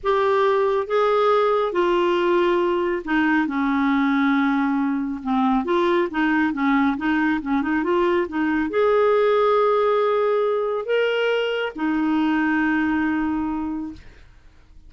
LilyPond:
\new Staff \with { instrumentName = "clarinet" } { \time 4/4 \tempo 4 = 138 g'2 gis'2 | f'2. dis'4 | cis'1 | c'4 f'4 dis'4 cis'4 |
dis'4 cis'8 dis'8 f'4 dis'4 | gis'1~ | gis'4 ais'2 dis'4~ | dis'1 | }